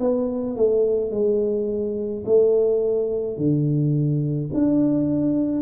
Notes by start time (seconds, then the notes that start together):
0.00 B3
0.57 A3
1.11 G#3
2.26 A3
3.37 D3
4.54 D4